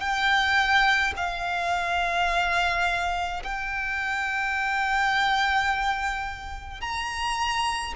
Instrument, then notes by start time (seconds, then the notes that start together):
violin
0.00 G5
1.16 F5
3.44 G5
6.81 A#5